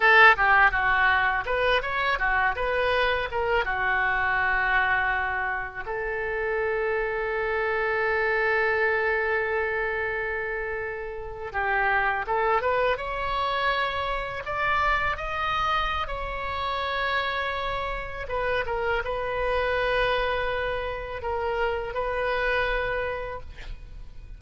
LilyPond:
\new Staff \with { instrumentName = "oboe" } { \time 4/4 \tempo 4 = 82 a'8 g'8 fis'4 b'8 cis''8 fis'8 b'8~ | b'8 ais'8 fis'2. | a'1~ | a'2.~ a'8. g'16~ |
g'8. a'8 b'8 cis''2 d''16~ | d''8. dis''4~ dis''16 cis''2~ | cis''4 b'8 ais'8 b'2~ | b'4 ais'4 b'2 | }